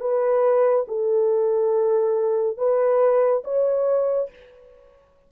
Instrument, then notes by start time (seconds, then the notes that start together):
horn
0.00 B4
0.88 A4
2.57 B4
3.44 C#5